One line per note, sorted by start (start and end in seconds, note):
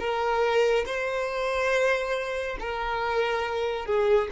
0.00 0.86 A#4
0.86 2.58 C5
2.60 3.86 A#4
3.86 4.29 G#4